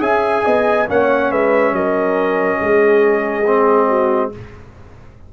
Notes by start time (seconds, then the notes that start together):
0.00 C#4 G#4 E5 G#5
0.45 B3 D#5
0.87 A#3 C#4 C#5 F#5
1.31 G#3 B4 E5
1.72 F#3 A#4 D#5
2.59 G#3 G#4
3.47 C4
3.88 F#4